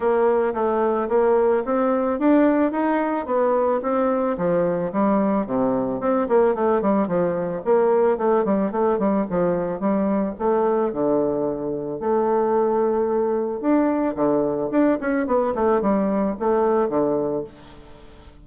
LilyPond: \new Staff \with { instrumentName = "bassoon" } { \time 4/4 \tempo 4 = 110 ais4 a4 ais4 c'4 | d'4 dis'4 b4 c'4 | f4 g4 c4 c'8 ais8 | a8 g8 f4 ais4 a8 g8 |
a8 g8 f4 g4 a4 | d2 a2~ | a4 d'4 d4 d'8 cis'8 | b8 a8 g4 a4 d4 | }